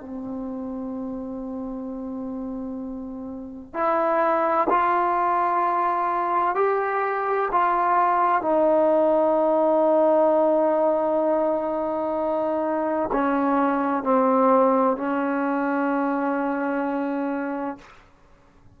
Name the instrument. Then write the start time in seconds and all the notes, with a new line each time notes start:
trombone
0.00 C4
3.73 E4
4.69 F4
6.55 G4
7.51 F4
8.41 D#4
13.12 C#4
14.03 C4
14.96 C#4